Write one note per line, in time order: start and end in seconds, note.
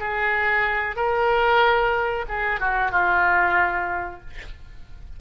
0.00 0.96 G#4
0.96 2.26 A#4
2.29 2.60 G#4
2.60 2.92 F#4
2.92 4.21 F4